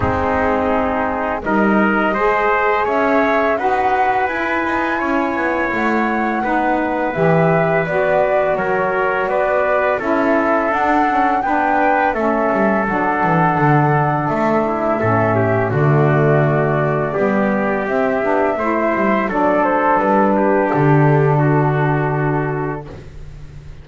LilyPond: <<
  \new Staff \with { instrumentName = "flute" } { \time 4/4 \tempo 4 = 84 gis'2 dis''2 | e''4 fis''4 gis''2 | fis''2 e''4 d''4 | cis''4 d''4 e''4 fis''4 |
g''4 e''4 fis''2 | e''2 d''2~ | d''4 e''2 d''8 c''8 | b'4 a'2. | }
  \new Staff \with { instrumentName = "trumpet" } { \time 4/4 dis'2 ais'4 c''4 | cis''4 b'2 cis''4~ | cis''4 b'2. | ais'4 b'4 a'2 |
b'4 a'2.~ | a'8 e'8 a'8 g'8 fis'2 | g'2 c''4 a'4~ | a'8 g'4. fis'2 | }
  \new Staff \with { instrumentName = "saxophone" } { \time 4/4 c'2 dis'4 gis'4~ | gis'4 fis'4 e'2~ | e'4 dis'4 g'4 fis'4~ | fis'2 e'4 d'8 cis'8 |
d'4 cis'4 d'2~ | d'4 cis'4 a2 | b4 c'8 d'8 e'4 d'4~ | d'1 | }
  \new Staff \with { instrumentName = "double bass" } { \time 4/4 gis2 g4 gis4 | cis'4 dis'4 e'8 dis'8 cis'8 b8 | a4 b4 e4 b4 | fis4 b4 cis'4 d'4 |
b4 a8 g8 fis8 e8 d4 | a4 a,4 d2 | g4 c'8 b8 a8 g8 fis4 | g4 d2. | }
>>